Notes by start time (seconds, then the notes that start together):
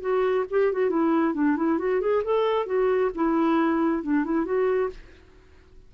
0.00 F#4
0.50 G4
0.72 F#4
0.89 E4
1.34 D4
1.56 E4
1.78 F#4
2.00 G#4
2.24 A4
2.66 F#4
3.15 E4
4.02 D4
4.24 E4
4.45 F#4